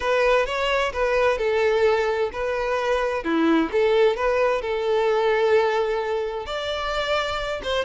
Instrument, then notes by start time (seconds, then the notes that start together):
violin
0.00 B4
0.46 C#5
0.92 B4
1.38 A4
2.32 B4
3.23 E4
3.72 A4
4.16 B4
4.61 A4
6.46 D5
7.63 C5